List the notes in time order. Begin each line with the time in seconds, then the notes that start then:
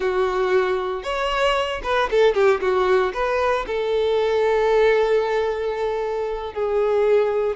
0.00 F#4
1.03 C#5
1.83 B4
2.10 A4
2.34 G4
2.60 F#4
3.13 B4
3.66 A4
6.53 G#4